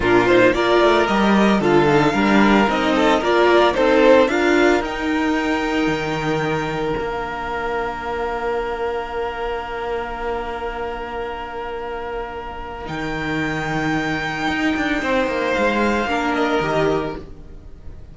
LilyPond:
<<
  \new Staff \with { instrumentName = "violin" } { \time 4/4 \tempo 4 = 112 ais'8 c''8 d''4 dis''4 f''4~ | f''4 dis''4 d''4 c''4 | f''4 g''2.~ | g''4 f''2.~ |
f''1~ | f''1 | g''1~ | g''4 f''4. dis''4. | }
  \new Staff \with { instrumentName = "violin" } { \time 4/4 f'4 ais'2 a'4 | ais'4. a'8 ais'4 a'4 | ais'1~ | ais'1~ |
ais'1~ | ais'1~ | ais'1 | c''2 ais'2 | }
  \new Staff \with { instrumentName = "viola" } { \time 4/4 d'8 dis'8 f'4 g'4 f'8 dis'8 | d'4 dis'4 f'4 dis'4 | f'4 dis'2.~ | dis'4 d'2.~ |
d'1~ | d'1 | dis'1~ | dis'2 d'4 g'4 | }
  \new Staff \with { instrumentName = "cello" } { \time 4/4 ais,4 ais8 a8 g4 d4 | g4 c'4 ais4 c'4 | d'4 dis'2 dis4~ | dis4 ais2.~ |
ais1~ | ais1 | dis2. dis'8 d'8 | c'8 ais8 gis4 ais4 dis4 | }
>>